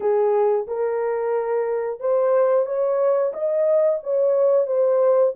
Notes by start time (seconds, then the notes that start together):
0.00 G#4
0.67 A#4
2.00 C5
2.65 C#5
3.33 D#5
4.03 C#5
4.67 C5